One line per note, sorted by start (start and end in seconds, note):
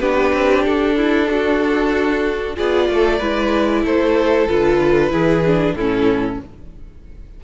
0.00 0.33 B3
0.00 2.57 D4
0.00 0.97 G4
0.00 0.64 B4
0.34 0.66 C4
0.65 2.58 D4
0.65 2.57 A4
0.97 1.29 E4
1.31 2.57 F#4
2.57 2.90 B3
2.57 3.21 F4
2.57 2.89 G#4
2.57 3.86 D5
2.90 3.21 A3
2.90 3.19 A4
3.19 3.85 G#3
3.19 4.49 E4
3.19 3.82 B4
3.85 4.48 A3
3.85 5.12 A4
3.85 4.48 C5
4.48 5.12 D3
4.48 5.11 F4
4.48 5.76 B4
5.11 5.74 E3
5.11 5.43 E4
5.11 5.76 G#4
5.47 5.78 D4
5.74 6.38 A2
5.74 6.41 E4
5.74 6.40 A4
5.80 6.44 C#4